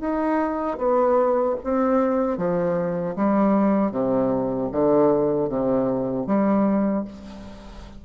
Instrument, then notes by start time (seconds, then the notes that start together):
bassoon
0.00 D#4
0.78 B3
1.64 C4
2.37 F3
3.16 G3
3.91 C3
4.72 D3
5.49 C3
6.27 G3